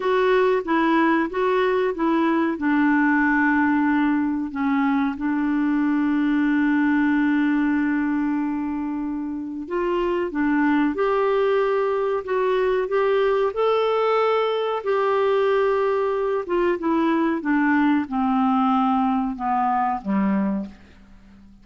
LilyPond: \new Staff \with { instrumentName = "clarinet" } { \time 4/4 \tempo 4 = 93 fis'4 e'4 fis'4 e'4 | d'2. cis'4 | d'1~ | d'2. f'4 |
d'4 g'2 fis'4 | g'4 a'2 g'4~ | g'4. f'8 e'4 d'4 | c'2 b4 g4 | }